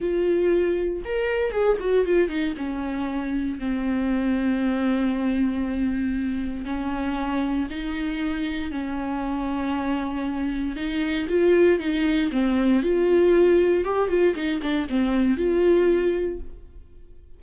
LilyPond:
\new Staff \with { instrumentName = "viola" } { \time 4/4 \tempo 4 = 117 f'2 ais'4 gis'8 fis'8 | f'8 dis'8 cis'2 c'4~ | c'1~ | c'4 cis'2 dis'4~ |
dis'4 cis'2.~ | cis'4 dis'4 f'4 dis'4 | c'4 f'2 g'8 f'8 | dis'8 d'8 c'4 f'2 | }